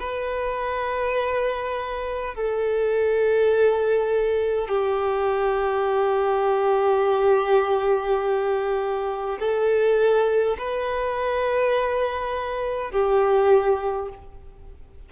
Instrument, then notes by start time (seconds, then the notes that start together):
violin
0.00 B4
2.35 A4
4.68 G4
9.40 A4
10.58 B4
12.91 G4